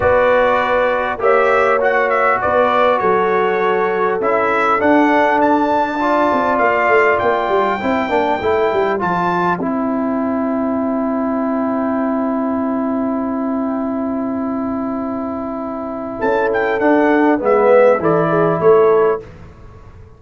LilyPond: <<
  \new Staff \with { instrumentName = "trumpet" } { \time 4/4 \tempo 4 = 100 d''2 e''4 fis''8 e''8 | d''4 cis''2 e''4 | fis''4 a''2 f''4 | g''2. a''4 |
g''1~ | g''1~ | g''2. a''8 g''8 | fis''4 e''4 d''4 cis''4 | }
  \new Staff \with { instrumentName = "horn" } { \time 4/4 b'2 cis''2 | b'4 a'2.~ | a'2 d''2~ | d''4 c''2.~ |
c''1~ | c''1~ | c''2. a'4~ | a'4 b'4 a'8 gis'8 a'4 | }
  \new Staff \with { instrumentName = "trombone" } { \time 4/4 fis'2 g'4 fis'4~ | fis'2. e'4 | d'2 f'2~ | f'4 e'8 d'8 e'4 f'4 |
e'1~ | e'1~ | e'1 | d'4 b4 e'2 | }
  \new Staff \with { instrumentName = "tuba" } { \time 4/4 b2 ais2 | b4 fis2 cis'4 | d'2~ d'8 c'8 ais8 a8 | ais8 g8 c'8 ais8 a8 g8 f4 |
c'1~ | c'1~ | c'2. cis'4 | d'4 gis4 e4 a4 | }
>>